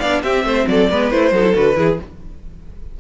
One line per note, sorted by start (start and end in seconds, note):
0.00 0.24 B3
0.00 0.26 D4
0.00 0.22 D5
0.00 0.22 F5
0.24 0.44 C4
0.24 0.92 C4
0.24 0.46 G4
0.24 0.67 E5
0.44 0.66 A3
0.44 0.69 C5
0.68 0.90 F#3
0.68 0.91 A4
0.68 1.11 D5
0.91 1.12 G#3
0.91 1.12 B3
0.91 1.34 B4
1.11 1.32 A3
1.11 1.34 E4
1.11 1.55 C5
1.32 1.54 F#3
1.32 1.44 D#4
1.32 1.78 A4
1.44 1.53 E4
1.53 1.77 D3
1.53 1.75 F#4
1.53 2.00 B4
1.76 1.99 E3
1.76 1.98 E4
1.76 2.00 G#4